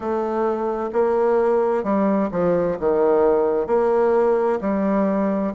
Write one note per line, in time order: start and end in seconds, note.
0.00 0.90 A3
0.92 1.83 A#3
1.83 2.29 G3
2.31 2.77 F3
2.79 3.67 D#3
3.67 4.59 A#3
4.60 5.53 G3